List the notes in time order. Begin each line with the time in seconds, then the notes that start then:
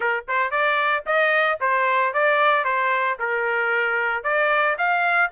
0.00 A#4
0.28 C5
0.50 D5
1.05 D#5
1.60 C5
2.13 D5
2.64 C5
3.19 A#4
4.23 D5
4.77 F5